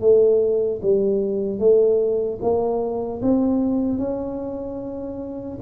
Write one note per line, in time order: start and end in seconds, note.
0.00 0.80 A3
0.81 1.59 G3
1.59 2.39 A3
2.41 3.21 A#3
3.22 3.98 C4
3.98 5.58 C#4